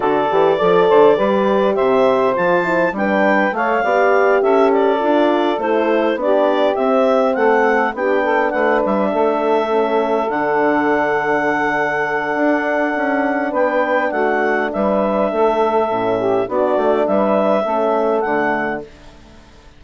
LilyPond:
<<
  \new Staff \with { instrumentName = "clarinet" } { \time 4/4 \tempo 4 = 102 d''2. e''4 | a''4 g''4 f''4. e''8 | d''4. c''4 d''4 e''8~ | e''8 fis''4 g''4 fis''8 e''4~ |
e''4. fis''2~ fis''8~ | fis''2. g''4 | fis''4 e''2. | d''4 e''2 fis''4 | }
  \new Staff \with { instrumentName = "saxophone" } { \time 4/4 a'4 d''8 c''8 b'4 c''4~ | c''4 b'4 cis''8 d''4 a'8~ | a'2~ a'8 g'4.~ | g'8 a'4 g'8 a'8 b'4 a'8~ |
a'1~ | a'2. b'4 | fis'4 b'4 a'4. g'8 | fis'4 b'4 a'2 | }
  \new Staff \with { instrumentName = "horn" } { \time 4/4 fis'8 g'8 a'4 g'2 | f'8 e'8 d'4 a'8 g'4.~ | g'8 f'4 e'4 d'4 c'8~ | c'4. d'2~ d'8~ |
d'8 cis'4 d'2~ d'8~ | d'1~ | d'2. cis'4 | d'2 cis'4 a4 | }
  \new Staff \with { instrumentName = "bassoon" } { \time 4/4 d8 e8 f8 d8 g4 c4 | f4 g4 a8 b4 cis'8~ | cis'8 d'4 a4 b4 c'8~ | c'8 a4 b4 a8 g8 a8~ |
a4. d2~ d8~ | d4 d'4 cis'4 b4 | a4 g4 a4 a,4 | b8 a8 g4 a4 d4 | }
>>